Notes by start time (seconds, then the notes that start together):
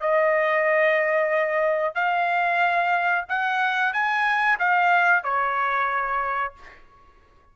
0.00 D#5
1.94 F5
3.28 F#5
3.93 G#5
4.59 F5
5.23 C#5